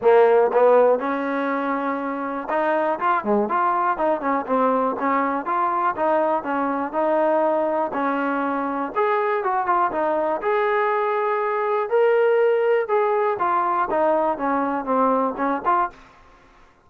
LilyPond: \new Staff \with { instrumentName = "trombone" } { \time 4/4 \tempo 4 = 121 ais4 b4 cis'2~ | cis'4 dis'4 f'8 gis8 f'4 | dis'8 cis'8 c'4 cis'4 f'4 | dis'4 cis'4 dis'2 |
cis'2 gis'4 fis'8 f'8 | dis'4 gis'2. | ais'2 gis'4 f'4 | dis'4 cis'4 c'4 cis'8 f'8 | }